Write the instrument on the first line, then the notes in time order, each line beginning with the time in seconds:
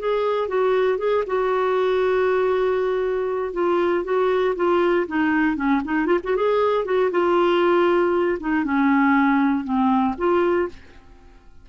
clarinet
0.00 G#4
0.49 F#4
0.99 G#4
1.27 F#4
3.54 F4
4.04 F#4
4.56 F4
5.08 D#4
5.57 C#4
5.85 D#4
6.07 F4
6.24 F#4
6.37 G#4
6.85 F#4
7.11 F4
8.40 D#4
8.65 C#4
9.65 C4
10.18 F4